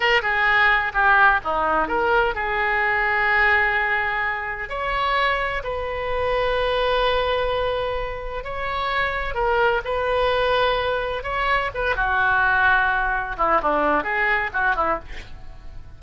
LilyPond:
\new Staff \with { instrumentName = "oboe" } { \time 4/4 \tempo 4 = 128 ais'8 gis'4. g'4 dis'4 | ais'4 gis'2.~ | gis'2 cis''2 | b'1~ |
b'2 cis''2 | ais'4 b'2. | cis''4 b'8 fis'2~ fis'8~ | fis'8 e'8 d'4 gis'4 fis'8 e'8 | }